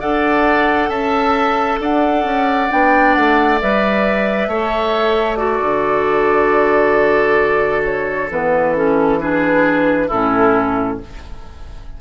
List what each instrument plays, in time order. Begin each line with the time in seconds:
0.00 bassoon D4, clarinet A4, oboe D5, flute F#5
0.89 bassoon C#4, oboe E5, flute A5
1.80 bassoon D4, oboe D5, flute F#5
2.24 bassoon C#4
2.71 bassoon B3, clarinet D4, flute G5
3.14 bassoon A3, flute F#5
3.61 bassoon G3, clarinet B4, flute E5
4.48 bassoon A3, clarinet A4, oboe C#5
5.36 clarinet F#4, oboe A4, flute D5
5.62 bassoon D3
7.85 flute C#5
8.30 bassoon E3, clarinet B3, flute B4
8.75 clarinet C#4, flute A4
9.21 clarinet D4, oboe G#4, flute B4
10.08 bassoon A2, clarinet C#4, oboe E4, flute A4